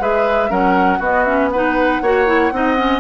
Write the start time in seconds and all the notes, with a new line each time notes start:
0.00 G#3 G#4 B4 E5
0.50 F#3 C#4 A#4 F#5
0.99 B3 F#4 D#5
1.24 C#4 E5
1.51 D#4 B4 F#5
2.02 A#3 F#4 C#5
2.26 E4
2.52 C4 D#4 D#5
2.77 C#4